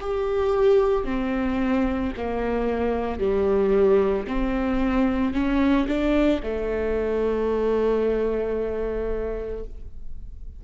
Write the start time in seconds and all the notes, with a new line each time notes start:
0.00 G4
1.04 C4
2.17 A#3
3.19 G3
4.27 C4
5.34 C#4
5.87 D4
6.42 A3